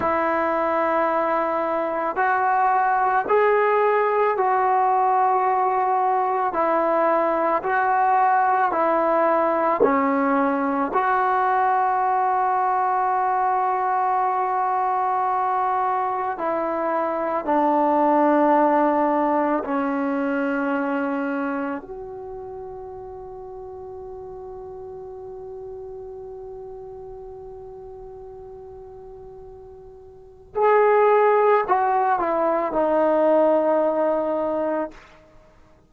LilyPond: \new Staff \with { instrumentName = "trombone" } { \time 4/4 \tempo 4 = 55 e'2 fis'4 gis'4 | fis'2 e'4 fis'4 | e'4 cis'4 fis'2~ | fis'2. e'4 |
d'2 cis'2 | fis'1~ | fis'1 | gis'4 fis'8 e'8 dis'2 | }